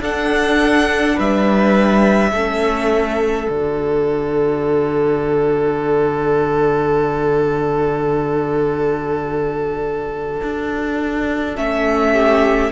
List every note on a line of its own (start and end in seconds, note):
0.00 1.15 D4
0.00 2.34 D4
0.00 1.16 A4
0.00 1.19 F#5
1.16 2.32 G3
1.16 2.31 B4
1.16 3.49 E5
2.32 3.47 A3
2.32 3.48 C#4
2.32 12.12 A4
3.48 10.42 D3
3.48 11.56 F#4
3.48 11.57 D5
10.43 11.57 D4
11.56 12.72 A3
11.56 12.71 C#4
11.56 12.72 E5
12.12 12.70 G4